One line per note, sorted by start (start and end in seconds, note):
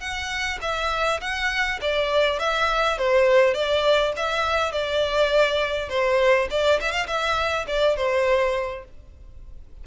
0.00 0.59 F#5
0.62 1.21 E5
1.21 1.80 F#5
1.82 2.39 D5
2.39 2.98 E5
2.98 3.54 C5
3.54 4.13 D5
4.17 4.72 E5
4.72 5.89 D5
5.89 6.48 C5
6.51 6.80 D5
6.81 6.92 E5
6.92 7.07 F5
7.07 7.66 E5
7.67 7.97 D5
7.97 8.85 C5